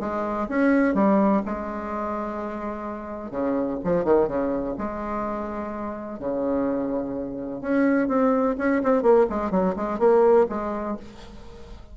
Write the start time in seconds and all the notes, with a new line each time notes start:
0.00 G#3
0.49 C#4
0.94 G3
1.46 G#3
3.31 C#3
3.84 F3
4.05 D#3
4.28 C#3
4.78 G#3
6.19 C#3
7.61 C#4
8.08 C4
8.58 C#4
8.83 C4
9.02 A#3
9.30 G#3
9.51 F#3
9.76 G#3
9.99 A#3
10.49 G#3